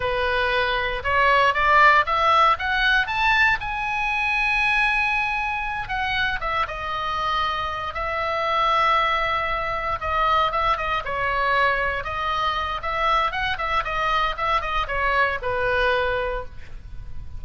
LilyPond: \new Staff \with { instrumentName = "oboe" } { \time 4/4 \tempo 4 = 117 b'2 cis''4 d''4 | e''4 fis''4 a''4 gis''4~ | gis''2.~ gis''8 fis''8~ | fis''8 e''8 dis''2~ dis''8 e''8~ |
e''2.~ e''8 dis''8~ | dis''8 e''8 dis''8 cis''2 dis''8~ | dis''4 e''4 fis''8 e''8 dis''4 | e''8 dis''8 cis''4 b'2 | }